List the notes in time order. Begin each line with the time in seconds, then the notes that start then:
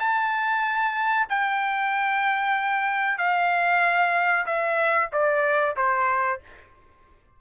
0.00 A5
1.30 G5
3.19 F5
4.47 E5
5.13 D5
5.77 C5